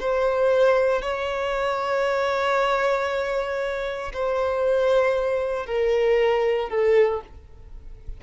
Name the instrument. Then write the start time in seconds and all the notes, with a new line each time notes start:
violin
0.00 C5
1.02 C#5
4.13 C5
5.67 A#4
6.70 A4